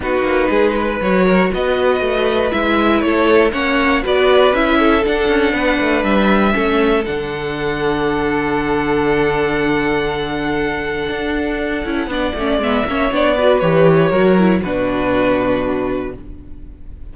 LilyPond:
<<
  \new Staff \with { instrumentName = "violin" } { \time 4/4 \tempo 4 = 119 b'2 cis''4 dis''4~ | dis''4 e''4 cis''4 fis''4 | d''4 e''4 fis''2 | e''2 fis''2~ |
fis''1~ | fis''1~ | fis''4 e''4 d''4 cis''4~ | cis''4 b'2. | }
  \new Staff \with { instrumentName = "violin" } { \time 4/4 fis'4 gis'8 b'4 ais'8 b'4~ | b'2 a'4 cis''4 | b'4. a'4. b'4~ | b'4 a'2.~ |
a'1~ | a'1 | d''4. cis''4 b'4. | ais'4 fis'2. | }
  \new Staff \with { instrumentName = "viola" } { \time 4/4 dis'2 fis'2~ | fis'4 e'2 cis'4 | fis'4 e'4 d'2~ | d'4 cis'4 d'2~ |
d'1~ | d'2.~ d'8 e'8 | d'8 cis'8 b8 cis'8 d'8 fis'8 g'4 | fis'8 e'8 d'2. | }
  \new Staff \with { instrumentName = "cello" } { \time 4/4 b8 ais8 gis4 fis4 b4 | a4 gis4 a4 ais4 | b4 cis'4 d'8 cis'8 b8 a8 | g4 a4 d2~ |
d1~ | d2 d'4. cis'8 | b8 a8 gis8 ais8 b4 e4 | fis4 b,2. | }
>>